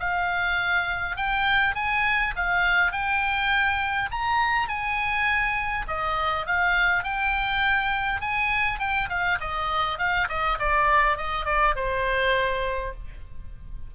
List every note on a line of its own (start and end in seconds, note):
0.00 1.17 F5
1.17 1.75 G5
1.75 2.34 G#5
2.36 2.93 F5
2.93 4.10 G5
4.11 4.69 A#5
4.69 5.86 G#5
5.88 6.47 D#5
6.47 7.04 F5
7.04 8.21 G5
8.21 8.80 G#5
8.80 9.09 G5
9.09 9.39 F5
9.41 9.99 D#5
9.99 10.28 F5
10.29 10.59 D#5
10.59 11.17 D5
11.17 11.46 D#5
11.46 11.75 D5
11.76 12.94 C5